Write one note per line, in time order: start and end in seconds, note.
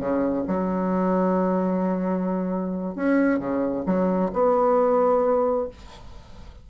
0.00 0.45 C#3
0.48 2.96 F#3
2.96 3.39 C#4
3.39 3.84 C#3
3.86 4.31 F#3
4.33 5.69 B3